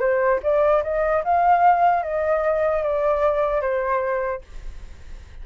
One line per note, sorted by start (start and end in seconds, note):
0.00 0.40 C5
0.43 0.83 D5
0.83 1.23 D#5
1.24 2.03 F5
2.03 2.83 D#5
2.83 3.61 D5
3.61 4.41 C5